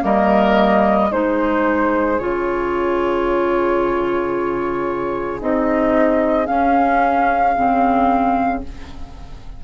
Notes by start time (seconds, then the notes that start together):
0.00 G3 A#3 A#4 D#5
1.10 G#3 D#4 G#4 C5
2.19 C#3 F4 C#5
5.40 C4 D#4 D#5
6.45 C#4 F5
7.56 C#3 C4